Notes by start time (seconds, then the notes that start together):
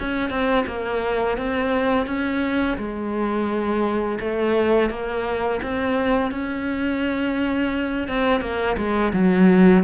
0.00 C#4
0.30 C4
0.67 A#3
1.38 C4
2.07 C#4
2.78 G#3
4.20 A3
4.90 A#3
5.63 C4
6.31 C#4
8.08 C4
8.41 A#3
8.77 G#3
9.13 F#3